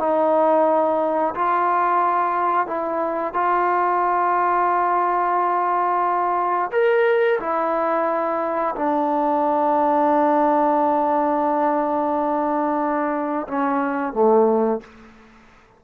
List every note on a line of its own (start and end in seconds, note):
0.00 1.35 D#4
1.35 2.67 F4
2.67 3.34 E4
3.34 6.71 F4
6.72 7.40 A#4
7.40 8.75 E4
8.76 13.48 D4
13.48 14.14 C#4
14.14 14.81 A3